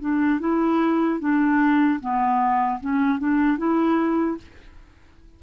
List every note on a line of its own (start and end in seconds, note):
0.00 0.40 D4
0.40 1.19 E4
1.19 1.99 D4
2.00 2.80 B3
2.80 3.19 C#4
3.19 3.57 D4
3.57 4.37 E4